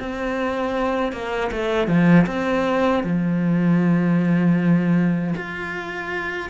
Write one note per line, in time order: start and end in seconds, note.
0.00 1.13 C4
1.13 1.51 A#3
1.52 1.88 A3
1.88 2.27 F3
2.27 3.04 C4
3.04 5.35 F3
5.36 6.50 F4